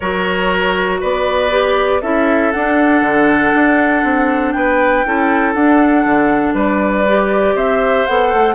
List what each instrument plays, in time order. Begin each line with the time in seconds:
0.00 bassoon F#3, clarinet F#4, oboe A#4, flute C#5
1.00 bassoon B3, oboe B4, flute D5
1.50 clarinet G4
2.01 bassoon C#4, clarinet E4, oboe A4, flute E5
2.51 bassoon D4, clarinet D4, flute F#5
3.01 bassoon D3
3.54 bassoon D4
4.03 bassoon C4
4.52 bassoon B3, oboe B4, flute G5
5.05 bassoon C#4, clarinet E4, oboe A4
5.53 bassoon D4, clarinet D4, flute F#5
6.05 bassoon D3
6.53 bassoon G3, oboe B4, flute D5
7.07 clarinet G4
7.54 bassoon C4, oboe C5, flute E5
8.06 bassoon B3, clarinet A4, flute F#5
8.33 bassoon A3